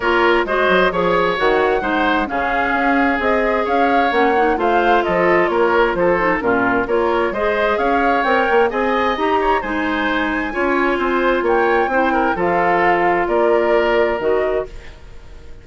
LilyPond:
<<
  \new Staff \with { instrumentName = "flute" } { \time 4/4 \tempo 4 = 131 cis''4 dis''4 cis''4 fis''4~ | fis''4 f''2 dis''4 | f''4 fis''4 f''4 dis''4 | cis''4 c''4 ais'4 cis''4 |
dis''4 f''4 g''4 gis''4 | ais''4 gis''2.~ | gis''4 g''2 f''4~ | f''4 d''2 dis''4 | }
  \new Staff \with { instrumentName = "oboe" } { \time 4/4 ais'4 c''4 cis''2 | c''4 gis'2. | cis''2 c''4 a'4 | ais'4 a'4 f'4 ais'4 |
c''4 cis''2 dis''4~ | dis''8 cis''8 c''2 cis''4 | c''4 cis''4 c''8 ais'8 a'4~ | a'4 ais'2. | }
  \new Staff \with { instrumentName = "clarinet" } { \time 4/4 f'4 fis'4 gis'4 fis'4 | dis'4 cis'2 gis'4~ | gis'4 cis'8 dis'8 f'2~ | f'4. dis'8 cis'4 f'4 |
gis'2 ais'4 gis'4 | g'4 dis'2 f'4~ | f'2 e'4 f'4~ | f'2. fis'4 | }
  \new Staff \with { instrumentName = "bassoon" } { \time 4/4 ais4 gis8 fis8 f4 dis4 | gis4 cis4 cis'4 c'4 | cis'4 ais4 a4 f4 | ais4 f4 ais,4 ais4 |
gis4 cis'4 c'8 ais8 c'4 | dis'4 gis2 cis'4 | c'4 ais4 c'4 f4~ | f4 ais2 dis4 | }
>>